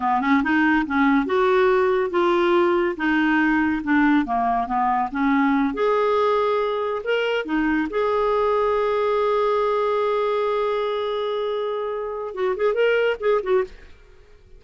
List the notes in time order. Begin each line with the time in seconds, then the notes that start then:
0.00 B3
0.21 C#4
0.43 D#4
0.86 C#4
1.26 F#4
2.10 F4
2.97 D#4
3.83 D4
4.25 A#3
4.66 B3
5.11 C#4
5.74 G#4
7.03 A#4
7.45 D#4
7.90 G#4
12.34 F#4
12.56 G#4
12.73 A#4
13.19 G#4
13.42 F#4